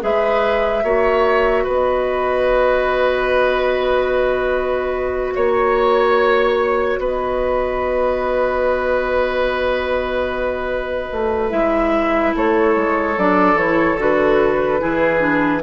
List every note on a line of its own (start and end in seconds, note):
0.00 0.83 G#3
0.00 0.82 G#4
0.00 0.83 B4
0.00 1.66 E5
0.83 1.65 A#3
0.83 11.50 F#4
0.83 1.64 C#5
1.64 5.35 B3
1.64 5.33 B4
1.64 5.35 D#5
5.35 6.98 A#3
5.35 6.99 C#5
6.98 11.09 B3
6.98 12.34 B4
6.98 11.51 D#5
11.12 11.51 A3
11.50 12.33 G#3
11.50 13.14 E4
11.50 12.33 E5
12.34 12.76 A3
12.34 14.80 A4
12.34 13.19 C#5
12.76 13.17 G#3
13.17 13.54 F#3
13.17 13.56 D4
13.17 13.58 D5
13.54 13.95 E3
13.54 13.97 E4
13.54 13.99 C#5
13.98 14.80 D3
13.98 14.79 F#4
13.98 15.62 B4
14.79 15.62 E3
14.79 15.19 E4
14.79 15.62 G#4
15.19 15.60 D4